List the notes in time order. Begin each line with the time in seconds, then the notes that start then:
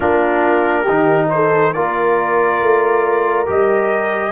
0.00 A#3 D4 F4 A#4
0.82 D#4 G4
0.89 D#3
1.29 A4 C5
1.73 A#3 F4 A#4 D5
2.61 A3
3.45 G3 G4 D#5